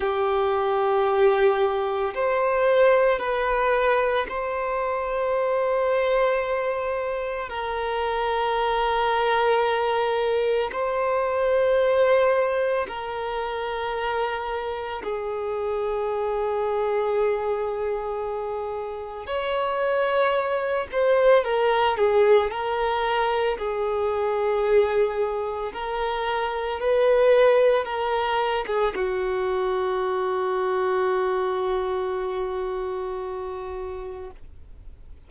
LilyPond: \new Staff \with { instrumentName = "violin" } { \time 4/4 \tempo 4 = 56 g'2 c''4 b'4 | c''2. ais'4~ | ais'2 c''2 | ais'2 gis'2~ |
gis'2 cis''4. c''8 | ais'8 gis'8 ais'4 gis'2 | ais'4 b'4 ais'8. gis'16 fis'4~ | fis'1 | }